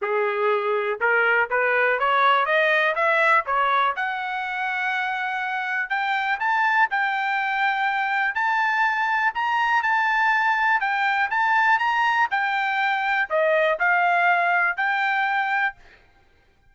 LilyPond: \new Staff \with { instrumentName = "trumpet" } { \time 4/4 \tempo 4 = 122 gis'2 ais'4 b'4 | cis''4 dis''4 e''4 cis''4 | fis''1 | g''4 a''4 g''2~ |
g''4 a''2 ais''4 | a''2 g''4 a''4 | ais''4 g''2 dis''4 | f''2 g''2 | }